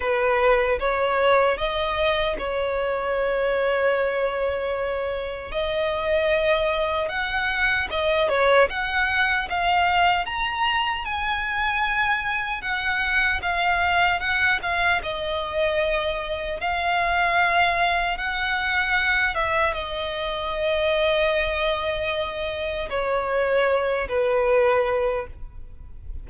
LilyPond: \new Staff \with { instrumentName = "violin" } { \time 4/4 \tempo 4 = 76 b'4 cis''4 dis''4 cis''4~ | cis''2. dis''4~ | dis''4 fis''4 dis''8 cis''8 fis''4 | f''4 ais''4 gis''2 |
fis''4 f''4 fis''8 f''8 dis''4~ | dis''4 f''2 fis''4~ | fis''8 e''8 dis''2.~ | dis''4 cis''4. b'4. | }